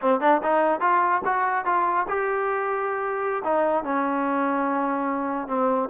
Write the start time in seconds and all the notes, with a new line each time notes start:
0.01 C4
0.20 D4
0.43 D#4
0.80 F4
1.24 F#4
1.65 F4
2.08 G4
3.44 D#4
3.84 C#4
5.47 C4